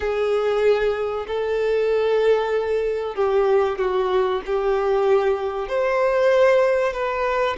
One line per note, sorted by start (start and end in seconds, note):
0.00 1.26 G#4
1.27 3.15 A4
3.15 3.78 G4
3.78 4.41 F#4
4.46 5.68 G4
5.68 6.93 C5
6.93 7.56 B4